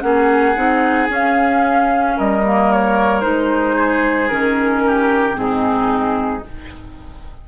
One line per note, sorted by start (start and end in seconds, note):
0.00 0.56 A#3
0.00 0.54 C#4
0.00 2.17 G#4
0.00 1.07 F#5
0.56 1.09 C4
0.56 1.09 D#4
1.09 2.43 C#4
1.09 2.17 C#4
1.09 2.19 F5
2.17 3.25 G3
2.17 3.75 A#4
2.17 2.72 D#5
2.45 3.22 A#3
2.72 3.21 C#5
3.21 4.30 G#3
3.21 4.29 D#4
3.21 4.28 C5
3.75 4.82 G#4
4.29 5.37 D#3
4.29 5.34 C#4
4.29 5.36 A#4
4.87 5.40 G4
5.34 6.44 G#2
5.34 6.41 C4
5.34 6.44 G#4
5.41 6.48 D#4